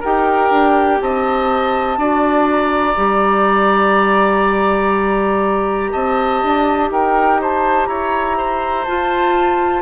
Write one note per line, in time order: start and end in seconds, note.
0.00 0.51 D#4
0.00 1.99 G4
0.00 0.98 A#4
0.00 1.01 G5
0.51 1.00 D4
1.01 1.97 C4
1.01 1.98 D#5
1.01 2.48 A5
1.97 2.95 D4
1.97 2.95 F#4
1.97 5.92 D5
2.50 5.92 A#5
2.95 5.92 G3
2.95 8.85 G4
5.92 6.43 C4
5.92 6.90 D#5
5.92 6.90 A5
6.43 6.90 D4
6.90 7.87 D#4
6.90 7.41 A#4
6.90 7.41 G5
7.41 7.88 C5
7.41 7.87 A5
7.87 8.86 E4
7.87 8.37 C#5
7.87 8.85 A#5
8.37 9.82 C5
8.85 9.82 F4
8.85 9.82 A5